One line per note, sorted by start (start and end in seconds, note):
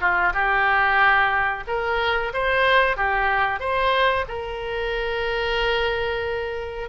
0.00 0.33 F4
0.33 1.63 G4
1.67 2.32 A#4
2.33 2.96 C5
2.96 3.60 G4
3.60 4.25 C5
4.28 6.89 A#4